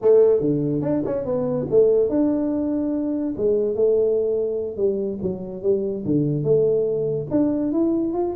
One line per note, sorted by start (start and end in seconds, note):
0.01 0.40 A3
0.40 0.81 D3
0.81 1.02 D4
1.05 1.25 C#4
1.25 1.66 B3
1.70 2.09 A3
2.09 3.34 D4
3.37 3.75 G#3
3.75 4.77 A3
4.77 5.18 G3
5.22 5.62 F#3
5.62 6.03 G3
6.05 6.43 D3
6.43 7.26 A3
7.30 7.72 D4
7.72 8.13 E4
8.13 8.34 F4